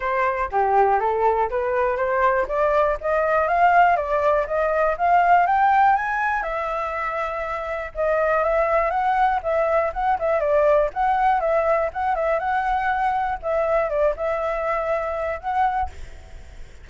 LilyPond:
\new Staff \with { instrumentName = "flute" } { \time 4/4 \tempo 4 = 121 c''4 g'4 a'4 b'4 | c''4 d''4 dis''4 f''4 | d''4 dis''4 f''4 g''4 | gis''4 e''2. |
dis''4 e''4 fis''4 e''4 | fis''8 e''8 d''4 fis''4 e''4 | fis''8 e''8 fis''2 e''4 | d''8 e''2~ e''8 fis''4 | }